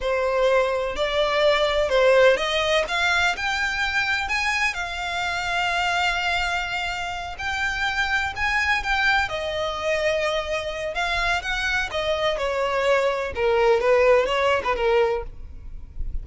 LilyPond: \new Staff \with { instrumentName = "violin" } { \time 4/4 \tempo 4 = 126 c''2 d''2 | c''4 dis''4 f''4 g''4~ | g''4 gis''4 f''2~ | f''2.~ f''8 g''8~ |
g''4. gis''4 g''4 dis''8~ | dis''2. f''4 | fis''4 dis''4 cis''2 | ais'4 b'4 cis''8. b'16 ais'4 | }